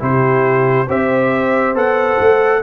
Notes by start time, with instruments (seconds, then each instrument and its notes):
0.00 tuba C3, trombone E4, horn G4, trumpet C5
0.88 tuba C4, trombone G4, horn C5, trumpet E5
1.75 tuba B3, trombone A4, trumpet F#5
2.19 tuba A3